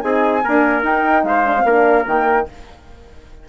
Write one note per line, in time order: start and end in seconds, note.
0.00 0.43 C4
0.00 0.42 D#4
0.00 0.43 G#4
0.00 0.82 G#5
0.43 0.85 A#3
0.43 0.82 D4
0.43 1.25 A#4
0.82 1.23 D#4
0.82 1.45 D#4
0.82 1.24 G5
1.23 1.64 G#3
1.23 1.66 C5
1.23 2.06 F5
1.45 1.56 D4
1.56 1.66 C4
1.64 2.05 A#3
1.64 2.06 D4
1.64 2.47 A#4
2.06 2.47 D#3
2.06 2.47 A#3
2.06 2.48 G5